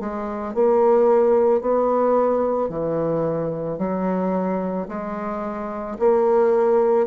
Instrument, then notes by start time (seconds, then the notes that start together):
bassoon
0.00 G#3
0.55 A#3
1.61 B3
2.69 E3
3.78 F#3
4.88 G#3
6.00 A#3